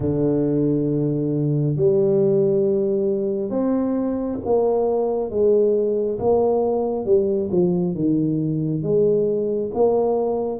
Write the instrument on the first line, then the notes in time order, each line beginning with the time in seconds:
tuba
0.00 D3
1.76 G3
3.49 C4
4.45 A#3
5.30 G#3
6.19 A#3
7.05 G3
7.51 F3
7.94 D#3
8.82 G#3
9.74 A#3